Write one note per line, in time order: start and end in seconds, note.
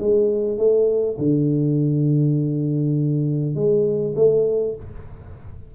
0.00 0.58 G#3
0.58 1.17 A3
1.19 3.55 D3
3.55 4.14 G#3
4.16 4.75 A3